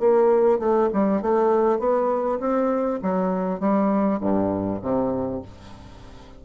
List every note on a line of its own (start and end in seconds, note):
0.00 0.59 A#3
0.59 0.89 A3
0.93 1.22 G3
1.22 1.79 A3
1.79 2.39 B3
2.40 3.00 C4
3.02 3.60 F#3
3.60 4.20 G3
4.21 4.81 G2
4.82 5.42 C3